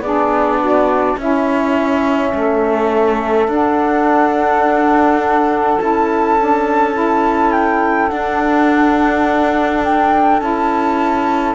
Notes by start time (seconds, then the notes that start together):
0.00 B3 D4 G#4 D5
0.60 F#4
1.17 C#4 E4 E5
2.33 A3 A4
3.48 D4 F#5
5.79 C#4 E4 A5
6.38 D4
6.93 E4
7.52 G5
8.09 D4 F#5
9.84 G5
10.40 C#4 E4 A5